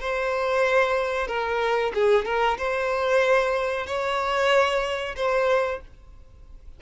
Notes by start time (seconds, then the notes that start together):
0.00 C5
1.27 A#4
1.94 G#4
2.25 A#4
2.58 C5
3.86 C#5
5.16 C5